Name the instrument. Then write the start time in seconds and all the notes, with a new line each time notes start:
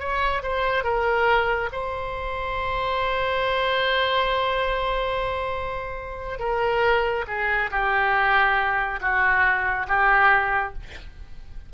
oboe
0.00 C#5
0.43 C5
0.84 A#4
1.73 C5
6.40 A#4
7.28 G#4
7.71 G4
9.02 F#4
9.88 G4